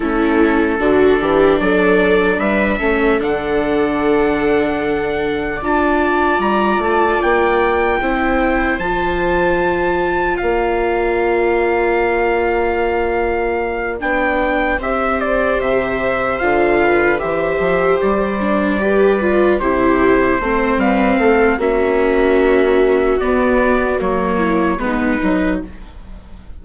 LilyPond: <<
  \new Staff \with { instrumentName = "trumpet" } { \time 4/4 \tempo 4 = 75 a'2 d''4 e''4 | fis''2. a''4 | ais''8 a''8 g''2 a''4~ | a''4 f''2.~ |
f''4. g''4 e''8 d''8 e''8~ | e''8 f''4 e''4 d''4.~ | d''8 c''4. f''4 e''4~ | e''4 d''4 cis''4 b'4 | }
  \new Staff \with { instrumentName = "viola" } { \time 4/4 e'4 fis'8 g'8 a'4 b'8 a'8~ | a'2. d''4~ | d''2 c''2~ | c''4 d''2.~ |
d''2~ d''8 c''4.~ | c''4 b'8 c''2 b'8~ | b'8 g'4 c''8 b'8 a'8 fis'4~ | fis'2~ fis'8 e'8 dis'4 | }
  \new Staff \with { instrumentName = "viola" } { \time 4/4 cis'4 d'2~ d'8 cis'8 | d'2. f'4~ | f'2 e'4 f'4~ | f'1~ |
f'4. d'4 g'4.~ | g'8 f'4 g'4. d'8 g'8 | f'8 e'4 c'4. cis'4~ | cis'4 b4 ais4 b8 dis'8 | }
  \new Staff \with { instrumentName = "bassoon" } { \time 4/4 a4 d8 e8 fis4 g8 a8 | d2. d'4 | g8 a8 ais4 c'4 f4~ | f4 ais2.~ |
ais4. b4 c'4 c8~ | c8 d4 e8 f8 g4.~ | g8 c4 a8 g8 a8 ais4~ | ais4 b4 fis4 gis8 fis8 | }
>>